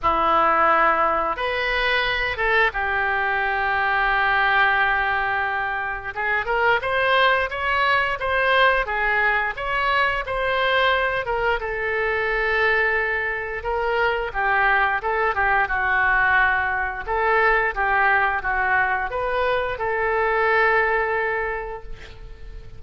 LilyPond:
\new Staff \with { instrumentName = "oboe" } { \time 4/4 \tempo 4 = 88 e'2 b'4. a'8 | g'1~ | g'4 gis'8 ais'8 c''4 cis''4 | c''4 gis'4 cis''4 c''4~ |
c''8 ais'8 a'2. | ais'4 g'4 a'8 g'8 fis'4~ | fis'4 a'4 g'4 fis'4 | b'4 a'2. | }